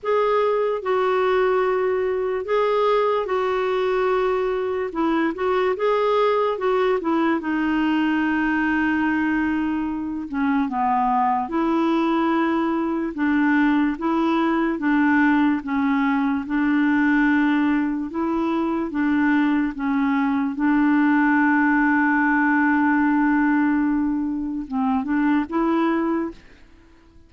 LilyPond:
\new Staff \with { instrumentName = "clarinet" } { \time 4/4 \tempo 4 = 73 gis'4 fis'2 gis'4 | fis'2 e'8 fis'8 gis'4 | fis'8 e'8 dis'2.~ | dis'8 cis'8 b4 e'2 |
d'4 e'4 d'4 cis'4 | d'2 e'4 d'4 | cis'4 d'2.~ | d'2 c'8 d'8 e'4 | }